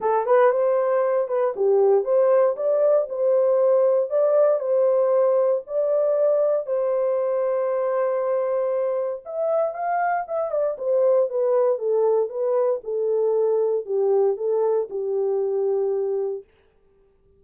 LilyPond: \new Staff \with { instrumentName = "horn" } { \time 4/4 \tempo 4 = 117 a'8 b'8 c''4. b'8 g'4 | c''4 d''4 c''2 | d''4 c''2 d''4~ | d''4 c''2.~ |
c''2 e''4 f''4 | e''8 d''8 c''4 b'4 a'4 | b'4 a'2 g'4 | a'4 g'2. | }